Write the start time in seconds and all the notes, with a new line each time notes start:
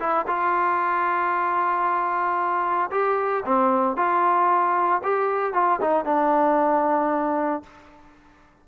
0.00 E4
0.28 F4
2.92 G4
3.46 C4
3.97 F4
5.04 G4
5.54 F4
5.82 D#4
6.06 D4